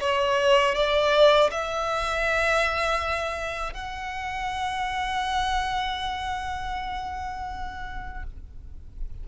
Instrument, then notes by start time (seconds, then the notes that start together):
violin
0.00 C#5
0.75 D5
1.51 E5
3.73 F#5